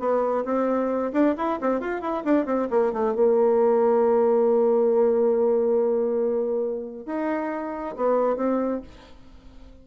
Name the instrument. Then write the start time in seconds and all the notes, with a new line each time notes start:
bassoon
0.00 B3
0.45 C4
1.13 D4
1.38 E4
1.61 C4
1.81 F4
2.02 E4
2.25 D4
2.46 C4
2.71 A#3
2.93 A3
3.15 A#3
7.06 D#4
7.97 B3
8.37 C4